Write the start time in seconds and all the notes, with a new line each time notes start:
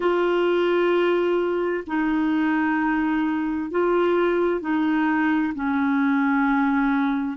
0.00 F4
1.87 D#4
3.70 F4
4.61 D#4
5.54 C#4